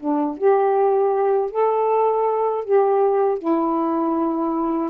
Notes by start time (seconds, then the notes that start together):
0.00 D4
0.38 G4
1.51 A4
2.64 G4
3.39 E4